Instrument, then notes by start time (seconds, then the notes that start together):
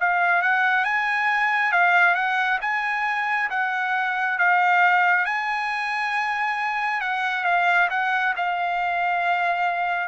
trumpet
0.00 F5
0.42 F#5
0.85 G#5
1.72 F5
2.15 F#5
2.61 G#5
3.50 F#5
4.38 F5
5.25 G#5
7.01 F#5
7.44 F5
7.90 F#5
8.36 F5